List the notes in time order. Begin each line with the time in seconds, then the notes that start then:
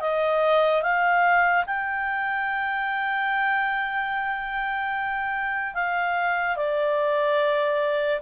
0.00 D#5
0.82 F5
1.66 G5
5.74 F5
6.56 D5